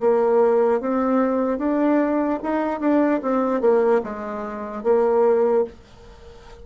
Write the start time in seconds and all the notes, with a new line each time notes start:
0.00 A#3
0.80 C4
1.58 D4
2.43 D#4
2.80 D4
3.22 C4
3.61 A#3
4.03 G#3
4.83 A#3